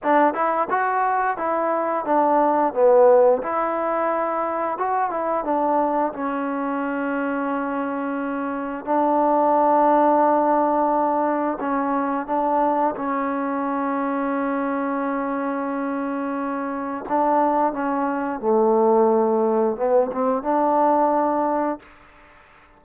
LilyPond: \new Staff \with { instrumentName = "trombone" } { \time 4/4 \tempo 4 = 88 d'8 e'8 fis'4 e'4 d'4 | b4 e'2 fis'8 e'8 | d'4 cis'2.~ | cis'4 d'2.~ |
d'4 cis'4 d'4 cis'4~ | cis'1~ | cis'4 d'4 cis'4 a4~ | a4 b8 c'8 d'2 | }